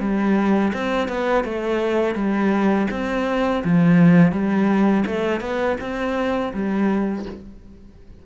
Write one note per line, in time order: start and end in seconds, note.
0.00 0.72 G3
0.74 1.08 C4
1.08 1.44 B3
1.44 2.15 A3
2.15 2.88 G3
2.91 3.63 C4
3.64 4.32 F3
4.32 5.04 G3
5.06 5.41 A3
5.41 5.77 B3
5.81 6.53 C4
6.54 7.26 G3